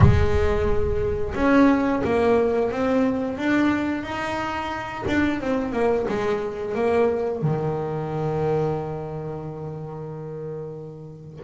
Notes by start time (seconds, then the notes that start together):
0.00 G#3
1.35 C#4
2.03 A#3
2.71 C4
3.37 D4
4.03 D#4
5.07 D4
5.41 C4
5.72 A#3
6.08 G#3
6.74 A#3
7.42 D#3